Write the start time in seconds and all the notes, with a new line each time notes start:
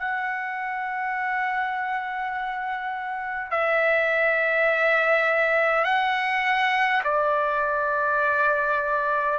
0.00 F#5
3.51 E5
5.85 F#5
7.04 D5